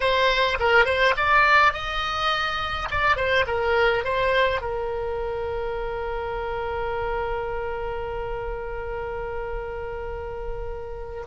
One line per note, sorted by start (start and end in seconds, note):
0.00 0.58 C5
0.59 0.85 A#4
0.85 1.14 C5
1.16 1.73 D5
1.73 2.88 D#5
2.91 3.16 D5
3.16 3.45 C5
3.46 4.04 A#4
4.04 4.61 C5
4.61 11.24 A#4